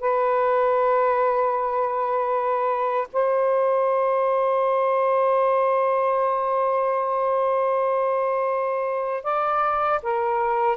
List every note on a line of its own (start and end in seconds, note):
0.00 3.08 B4
3.13 9.23 C5
9.23 10.00 D5
10.02 10.77 A#4